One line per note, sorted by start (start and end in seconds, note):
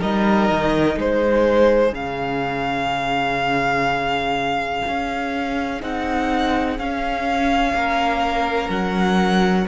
0.00 0.51 G3
0.00 1.94 D#4
0.00 0.97 A#4
0.00 0.99 D#5
0.51 0.97 D#3
0.97 1.92 G#3
0.97 7.74 G#4
0.97 1.95 C5
1.92 4.83 C#3
1.92 5.81 C#4
1.92 5.82 F5
4.88 5.82 C#4
5.81 6.79 C4
5.81 6.78 D#4
5.81 6.79 F#5
6.79 7.74 C#4
6.79 9.68 C#4
6.79 8.71 F5
7.74 8.70 A#3
7.74 9.68 A#4
8.70 9.67 F#3
8.70 9.67 F#5